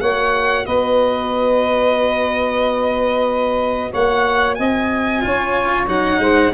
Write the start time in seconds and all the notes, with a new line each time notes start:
0.00 A#3 F#4 C#5 F#5
0.65 B3 B4 D#5
3.91 A#3 C#5 F#5
4.54 C4 D#5 G#5
5.21 C#4 F4 C#5
5.87 F#3 D#4 F#5
6.18 G#3 C5